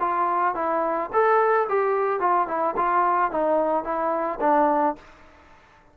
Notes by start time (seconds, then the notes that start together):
0.00 F4
0.55 E4
1.13 A4
1.68 G4
2.20 F4
2.47 E4
2.76 F4
3.31 D#4
3.84 E4
4.40 D4